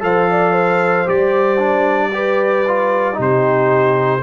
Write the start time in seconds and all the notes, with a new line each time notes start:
0.00 F3 A4 C5 F5
0.31 D5
0.52 C5
1.06 G3 G4 D5
1.59 D4
2.12 G4 B4
2.68 F4
3.14 C3 D#4 G4
3.21 C5